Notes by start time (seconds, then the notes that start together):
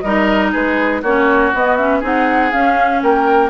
0.00 G3 D#4 A#4 D#5
0.52 G#3 G#4 B4
1.02 A#3 C#4 F#4 C#5
1.54 B3 D#5
1.77 C#4 E5
2.00 C4 D#4 G#4 F#5
2.53 C#4 F5
3.03 A#3 A#4 G5